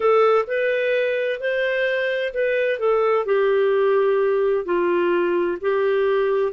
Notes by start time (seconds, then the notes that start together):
0.00 A4
0.47 B4
1.40 C5
2.33 B4
2.79 A4
3.25 G4
4.65 F4
5.61 G4